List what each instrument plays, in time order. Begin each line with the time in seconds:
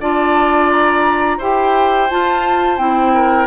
0.00 bassoon D4, clarinet F4, oboe D5, flute A5
0.71 flute A#5
1.37 bassoon E4, clarinet G4, oboe C5, flute G5
2.09 clarinet F4, bassoon F4, flute A5
2.78 bassoon C4, clarinet E4, flute G5
3.14 oboe A#4